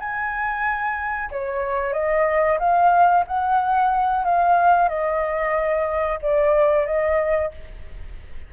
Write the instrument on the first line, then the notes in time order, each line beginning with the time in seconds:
flute
0.00 G#5
1.31 C#5
1.93 D#5
2.59 F5
3.27 F#5
4.25 F5
4.89 D#5
6.22 D5
6.87 D#5